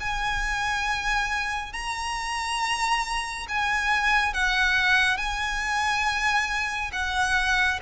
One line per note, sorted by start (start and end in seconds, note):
0.00 1.73 G#5
1.73 3.47 A#5
3.48 4.33 G#5
4.33 5.17 F#5
5.17 6.91 G#5
6.92 7.79 F#5